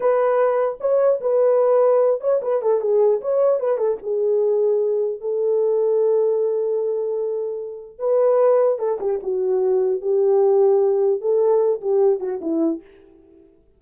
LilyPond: \new Staff \with { instrumentName = "horn" } { \time 4/4 \tempo 4 = 150 b'2 cis''4 b'4~ | b'4. cis''8 b'8 a'8 gis'4 | cis''4 b'8 a'8 gis'2~ | gis'4 a'2.~ |
a'1 | b'2 a'8 g'8 fis'4~ | fis'4 g'2. | a'4. g'4 fis'8 e'4 | }